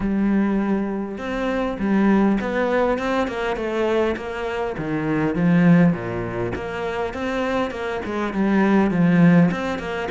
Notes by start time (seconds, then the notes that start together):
0.00 G3
1.18 C4
1.79 G3
2.41 B3
2.98 C4
3.27 A#3
3.56 A3
4.16 A#3
4.77 D#3
5.35 F3
5.92 A#2
6.55 A#3
7.13 C4
7.71 A#3
8.05 G#3
8.33 G3
8.90 F3
9.51 C4
9.78 A#3